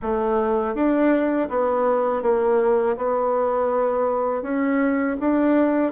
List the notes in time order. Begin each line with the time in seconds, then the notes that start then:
0.02 A3
0.74 D4
1.49 B3
2.22 A#3
2.96 B3
4.42 C#4
5.20 D4